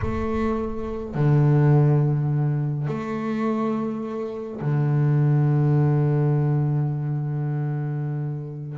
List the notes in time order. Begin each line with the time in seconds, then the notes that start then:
0.01 A3
1.14 D3
2.87 A3
4.61 D3